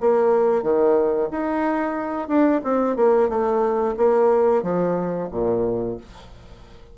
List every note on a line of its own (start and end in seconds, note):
0.00 0.62 A#3
0.62 1.28 D#3
1.31 2.28 D#4
2.28 2.61 D4
2.63 2.96 C4
2.96 3.29 A#3
3.29 3.95 A3
3.97 4.62 A#3
4.62 5.28 F3
5.31 5.97 A#2